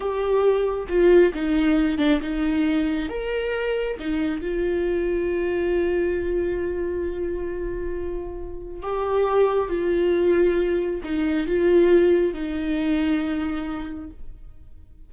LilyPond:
\new Staff \with { instrumentName = "viola" } { \time 4/4 \tempo 4 = 136 g'2 f'4 dis'4~ | dis'8 d'8 dis'2 ais'4~ | ais'4 dis'4 f'2~ | f'1~ |
f'1 | g'2 f'2~ | f'4 dis'4 f'2 | dis'1 | }